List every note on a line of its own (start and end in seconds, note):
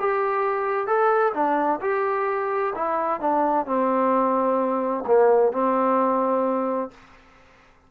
0.00 0.87 G4
0.87 1.33 A4
1.34 1.80 D4
1.82 2.74 G4
2.75 3.21 E4
3.21 3.66 D4
3.66 5.05 C4
5.07 5.53 A#3
5.53 6.91 C4